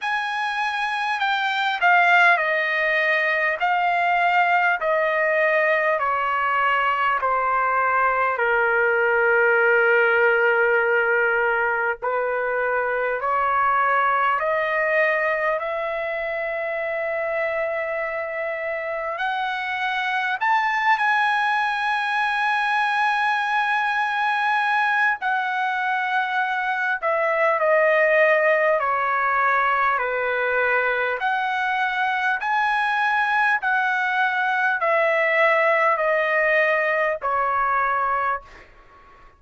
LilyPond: \new Staff \with { instrumentName = "trumpet" } { \time 4/4 \tempo 4 = 50 gis''4 g''8 f''8 dis''4 f''4 | dis''4 cis''4 c''4 ais'4~ | ais'2 b'4 cis''4 | dis''4 e''2. |
fis''4 a''8 gis''2~ gis''8~ | gis''4 fis''4. e''8 dis''4 | cis''4 b'4 fis''4 gis''4 | fis''4 e''4 dis''4 cis''4 | }